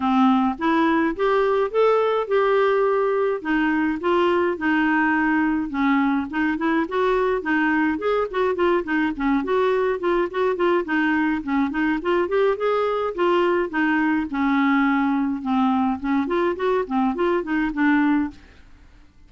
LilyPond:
\new Staff \with { instrumentName = "clarinet" } { \time 4/4 \tempo 4 = 105 c'4 e'4 g'4 a'4 | g'2 dis'4 f'4 | dis'2 cis'4 dis'8 e'8 | fis'4 dis'4 gis'8 fis'8 f'8 dis'8 |
cis'8 fis'4 f'8 fis'8 f'8 dis'4 | cis'8 dis'8 f'8 g'8 gis'4 f'4 | dis'4 cis'2 c'4 | cis'8 f'8 fis'8 c'8 f'8 dis'8 d'4 | }